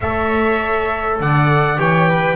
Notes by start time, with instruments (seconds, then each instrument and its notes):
0.00 double bass A3, trombone A4, viola C#5, trumpet E5
1.20 double bass D3, viola D5, trumpet F#5
1.76 double bass E3, trombone G4, viola C#5, trumpet G5
2.08 viola B4